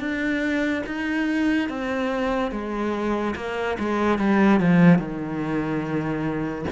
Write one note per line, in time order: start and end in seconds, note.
0.00 0.83 D4
0.86 1.69 D#4
1.69 2.52 C4
2.52 3.35 G#3
3.36 3.78 A#3
3.79 4.19 G#3
4.19 4.60 G3
4.60 4.98 F3
4.98 6.65 D#3